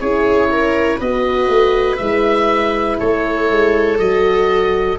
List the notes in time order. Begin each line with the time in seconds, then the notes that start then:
0.00 C#4 E4 G#4 C#5
0.52 A#4
0.99 B3 F#4 B4 D#5
1.49 A3
1.97 G#3 E4 E5
3.00 A3 A4 C#5
3.50 G#3
3.99 F#3 F#4 D#5